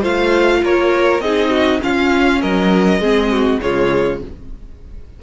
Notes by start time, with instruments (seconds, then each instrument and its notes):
0.00 cello A3, viola F4, violin C5 F5
0.63 cello A#3, violin A#4 C#5
1.19 cello C4, viola D#4, violin G#4 D#5
1.50 violin F#4
1.81 viola C#4, cello C#4, violin F4 F5
2.41 cello F#3, violin A#4 D#5
2.99 cello G#3, viola C4, violin G#4
3.30 violin F#4
3.61 cello C#3, viola G#3, violin F4 C#5